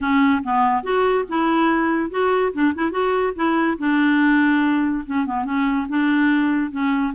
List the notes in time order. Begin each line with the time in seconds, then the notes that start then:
0.00 C#4
0.43 B3
0.83 F#4
1.29 E4
2.10 F#4
2.53 D4
2.74 E4
2.91 F#4
3.35 E4
3.78 D4
5.06 C#4
5.25 B3
5.44 C#4
5.88 D4
6.71 C#4